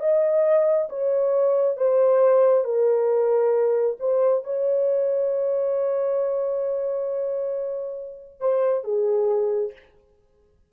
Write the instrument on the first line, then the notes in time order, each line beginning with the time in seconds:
horn
0.00 D#5
0.89 C#5
1.77 C5
2.65 A#4
4.00 C5
4.44 C#5
8.40 C5
8.84 G#4